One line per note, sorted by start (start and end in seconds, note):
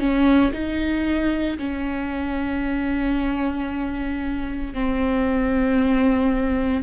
0.00 0.53 C#4
0.53 1.58 D#4
1.59 4.74 C#4
4.74 6.84 C4